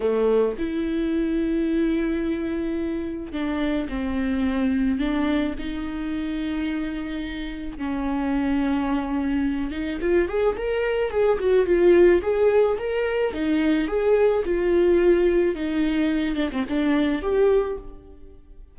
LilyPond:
\new Staff \with { instrumentName = "viola" } { \time 4/4 \tempo 4 = 108 a4 e'2.~ | e'2 d'4 c'4~ | c'4 d'4 dis'2~ | dis'2 cis'2~ |
cis'4. dis'8 f'8 gis'8 ais'4 | gis'8 fis'8 f'4 gis'4 ais'4 | dis'4 gis'4 f'2 | dis'4. d'16 c'16 d'4 g'4 | }